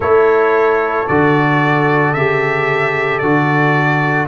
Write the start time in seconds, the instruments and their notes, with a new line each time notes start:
0.00 tuba A3, trombone E4, horn A4, trumpet C#5
1.07 tuba D3, trombone F#4, trumpet D5
2.13 tuba C#3, trombone G4, trumpet E5
3.18 tuba D3, trombone F#4, trumpet D5